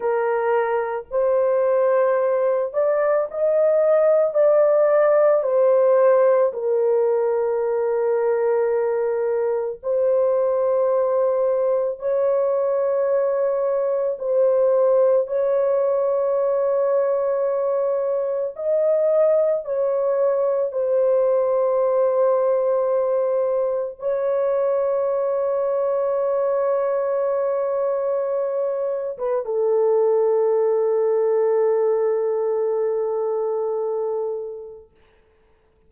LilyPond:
\new Staff \with { instrumentName = "horn" } { \time 4/4 \tempo 4 = 55 ais'4 c''4. d''8 dis''4 | d''4 c''4 ais'2~ | ais'4 c''2 cis''4~ | cis''4 c''4 cis''2~ |
cis''4 dis''4 cis''4 c''4~ | c''2 cis''2~ | cis''2~ cis''8. b'16 a'4~ | a'1 | }